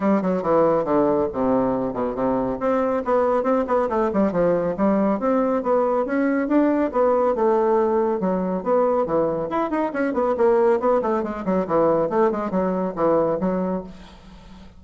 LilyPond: \new Staff \with { instrumentName = "bassoon" } { \time 4/4 \tempo 4 = 139 g8 fis8 e4 d4 c4~ | c8 b,8 c4 c'4 b4 | c'8 b8 a8 g8 f4 g4 | c'4 b4 cis'4 d'4 |
b4 a2 fis4 | b4 e4 e'8 dis'8 cis'8 b8 | ais4 b8 a8 gis8 fis8 e4 | a8 gis8 fis4 e4 fis4 | }